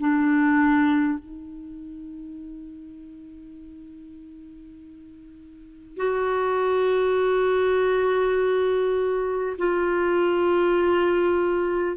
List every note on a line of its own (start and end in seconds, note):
0.00 1.19 D4
1.19 5.97 D#4
5.97 9.57 F#4
9.58 11.97 F4